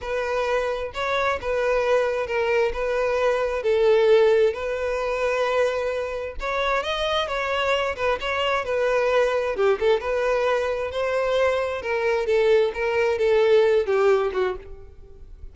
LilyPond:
\new Staff \with { instrumentName = "violin" } { \time 4/4 \tempo 4 = 132 b'2 cis''4 b'4~ | b'4 ais'4 b'2 | a'2 b'2~ | b'2 cis''4 dis''4 |
cis''4. b'8 cis''4 b'4~ | b'4 g'8 a'8 b'2 | c''2 ais'4 a'4 | ais'4 a'4. g'4 fis'8 | }